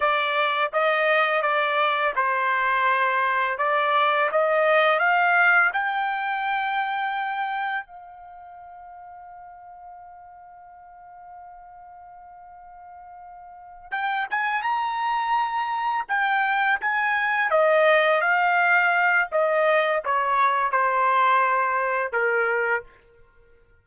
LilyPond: \new Staff \with { instrumentName = "trumpet" } { \time 4/4 \tempo 4 = 84 d''4 dis''4 d''4 c''4~ | c''4 d''4 dis''4 f''4 | g''2. f''4~ | f''1~ |
f''2.~ f''8 g''8 | gis''8 ais''2 g''4 gis''8~ | gis''8 dis''4 f''4. dis''4 | cis''4 c''2 ais'4 | }